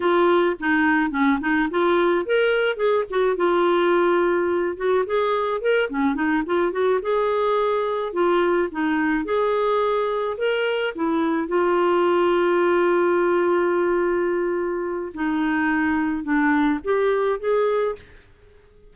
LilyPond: \new Staff \with { instrumentName = "clarinet" } { \time 4/4 \tempo 4 = 107 f'4 dis'4 cis'8 dis'8 f'4 | ais'4 gis'8 fis'8 f'2~ | f'8 fis'8 gis'4 ais'8 cis'8 dis'8 f'8 | fis'8 gis'2 f'4 dis'8~ |
dis'8 gis'2 ais'4 e'8~ | e'8 f'2.~ f'8~ | f'2. dis'4~ | dis'4 d'4 g'4 gis'4 | }